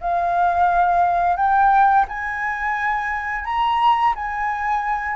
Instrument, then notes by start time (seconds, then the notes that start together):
flute
0.00 F5
1.36 G5
2.08 G#5
3.45 A#5
4.15 G#5